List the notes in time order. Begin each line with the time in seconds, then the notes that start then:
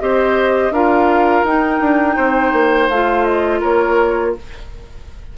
0.00 C4 G4 C5 D#5
0.70 D4 F4 A#4 F5
1.43 D#4 G5
1.80 D4
2.16 C4 C5
2.52 A#3
2.89 A3 F4 F5
3.24 D#5
3.60 A#3 A#4 C#5